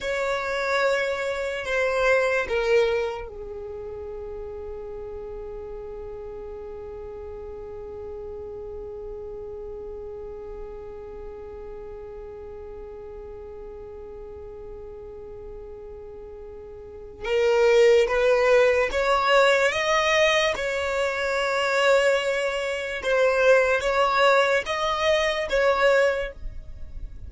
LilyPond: \new Staff \with { instrumentName = "violin" } { \time 4/4 \tempo 4 = 73 cis''2 c''4 ais'4 | gis'1~ | gis'1~ | gis'1~ |
gis'1~ | gis'4 ais'4 b'4 cis''4 | dis''4 cis''2. | c''4 cis''4 dis''4 cis''4 | }